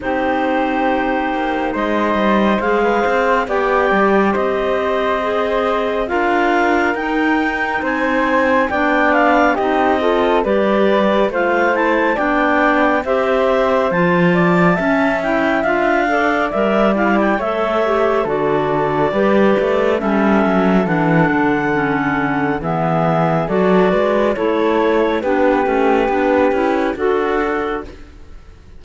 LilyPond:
<<
  \new Staff \with { instrumentName = "clarinet" } { \time 4/4 \tempo 4 = 69 c''2 dis''4 f''4 | g''4 dis''2 f''4 | g''4 gis''4 g''8 f''8 dis''4 | d''4 f''8 a''8 g''4 e''4 |
a''4. g''8 f''4 e''8 f''16 g''16 | e''4 d''2 e''4 | fis''2 e''4 d''4 | cis''4 b'2 a'4 | }
  \new Staff \with { instrumentName = "flute" } { \time 4/4 g'2 c''4~ c''16 b'16 c''8 | d''4 c''2 ais'4~ | ais'4 c''4 d''4 g'8 a'8 | b'4 c''4 d''4 c''4~ |
c''8 d''8 e''4. d''4. | cis''4 a'4 b'4 a'4~ | a'2 gis'4 a'8 b'8 | a'4 g'2 fis'4 | }
  \new Staff \with { instrumentName = "clarinet" } { \time 4/4 dis'2. gis'4 | g'2 gis'4 f'4 | dis'2 d'4 dis'8 f'8 | g'4 f'8 e'8 d'4 g'4 |
f'4 cis'8 e'8 f'8 a'8 ais'8 e'8 | a'8 g'8 fis'4 g'4 cis'4 | d'4 cis'4 b4 fis'4 | e'4 d'8 cis'8 d'8 e'8 fis'4 | }
  \new Staff \with { instrumentName = "cello" } { \time 4/4 c'4. ais8 gis8 g8 gis8 c'8 | b8 g8 c'2 d'4 | dis'4 c'4 b4 c'4 | g4 a4 b4 c'4 |
f4 cis'4 d'4 g4 | a4 d4 g8 a8 g8 fis8 | e8 d4. e4 fis8 gis8 | a4 b8 a8 b8 cis'8 d'4 | }
>>